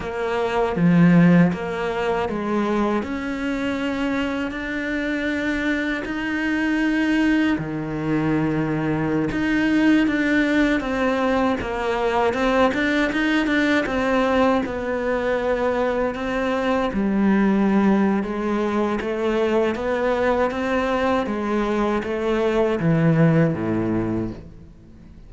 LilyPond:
\new Staff \with { instrumentName = "cello" } { \time 4/4 \tempo 4 = 79 ais4 f4 ais4 gis4 | cis'2 d'2 | dis'2 dis2~ | dis16 dis'4 d'4 c'4 ais8.~ |
ais16 c'8 d'8 dis'8 d'8 c'4 b8.~ | b4~ b16 c'4 g4.~ g16 | gis4 a4 b4 c'4 | gis4 a4 e4 a,4 | }